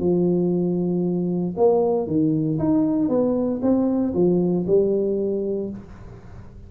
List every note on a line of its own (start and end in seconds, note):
0.00 1.55 F3
1.57 2.07 A#3
2.07 2.59 D#3
2.59 3.09 D#4
3.09 3.61 B3
3.62 4.14 C4
4.14 4.66 F3
4.67 5.70 G3